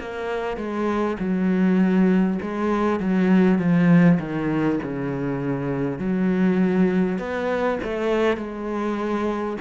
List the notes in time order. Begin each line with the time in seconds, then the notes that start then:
0.00 A#3
0.57 G#3
1.19 F#3
2.42 G#3
3.00 F#3
3.59 F3
4.19 D#3
4.83 C#3
5.99 F#3
7.19 B3
7.83 A3
8.37 G#3